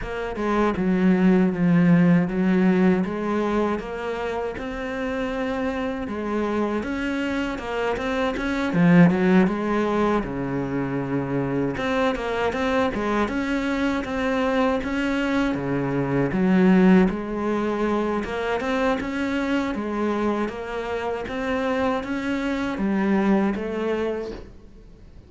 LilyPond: \new Staff \with { instrumentName = "cello" } { \time 4/4 \tempo 4 = 79 ais8 gis8 fis4 f4 fis4 | gis4 ais4 c'2 | gis4 cis'4 ais8 c'8 cis'8 f8 | fis8 gis4 cis2 c'8 |
ais8 c'8 gis8 cis'4 c'4 cis'8~ | cis'8 cis4 fis4 gis4. | ais8 c'8 cis'4 gis4 ais4 | c'4 cis'4 g4 a4 | }